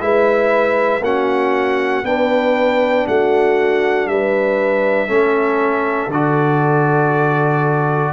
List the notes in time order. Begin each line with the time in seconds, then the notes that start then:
0.00 G#3 E4 B4 E5
1.01 A#3 C#4 F#4 F#5
2.03 B3 D4 B4 G5
3.07 A3 F#4 F#5
4.06 G3 B4 E5
5.08 A3 C#4 A4
6.07 D3 F#4 D5